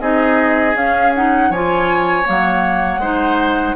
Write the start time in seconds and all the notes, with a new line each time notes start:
0.00 C4 D#4 G#4 D#5
0.74 C#4 F5
1.15 D#4 F#5
1.50 F3 F4 C#5 G#5
2.24 F#3 A#3 F#5
2.98 G#3 D#4 C5